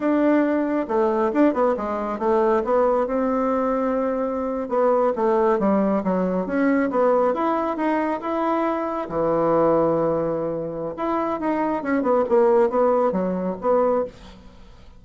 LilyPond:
\new Staff \with { instrumentName = "bassoon" } { \time 4/4 \tempo 4 = 137 d'2 a4 d'8 b8 | gis4 a4 b4 c'4~ | c'2~ c'8. b4 a16~ | a8. g4 fis4 cis'4 b16~ |
b8. e'4 dis'4 e'4~ e'16~ | e'8. e2.~ e16~ | e4 e'4 dis'4 cis'8 b8 | ais4 b4 fis4 b4 | }